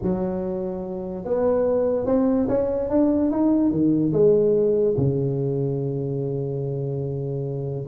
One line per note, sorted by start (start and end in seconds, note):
0.02 1.24 F#3
1.24 2.06 B3
2.06 2.47 C4
2.48 2.89 C#4
2.89 3.31 D4
3.31 3.71 D#4
3.71 4.12 D#3
4.12 4.95 G#3
4.97 7.87 C#3